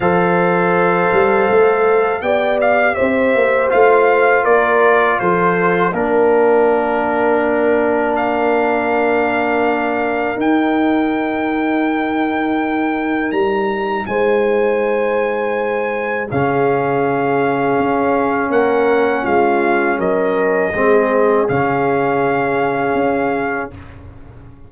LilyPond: <<
  \new Staff \with { instrumentName = "trumpet" } { \time 4/4 \tempo 4 = 81 f''2. g''8 f''8 | e''4 f''4 d''4 c''4 | ais'2. f''4~ | f''2 g''2~ |
g''2 ais''4 gis''4~ | gis''2 f''2~ | f''4 fis''4 f''4 dis''4~ | dis''4 f''2. | }
  \new Staff \with { instrumentName = "horn" } { \time 4/4 c''2. d''4 | c''2 ais'4 a'4 | ais'1~ | ais'1~ |
ais'2. c''4~ | c''2 gis'2~ | gis'4 ais'4 f'4 ais'4 | gis'1 | }
  \new Staff \with { instrumentName = "trombone" } { \time 4/4 a'2. g'4~ | g'4 f'2. | d'1~ | d'2 dis'2~ |
dis'1~ | dis'2 cis'2~ | cis'1 | c'4 cis'2. | }
  \new Staff \with { instrumentName = "tuba" } { \time 4/4 f4. g8 a4 b4 | c'8 ais8 a4 ais4 f4 | ais1~ | ais2 dis'2~ |
dis'2 g4 gis4~ | gis2 cis2 | cis'4 ais4 gis4 fis4 | gis4 cis2 cis'4 | }
>>